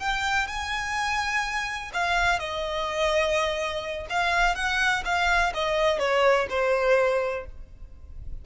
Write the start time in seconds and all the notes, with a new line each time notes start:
0.00 G5
0.48 G#5
1.94 F5
2.40 D#5
4.10 F5
4.56 F#5
5.05 F5
5.55 D#5
6.00 C#5
6.50 C5